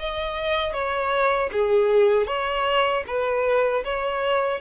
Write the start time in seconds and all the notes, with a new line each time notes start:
0.00 D#5
0.73 C#5
1.53 G#4
2.28 C#5
3.08 B4
3.85 C#5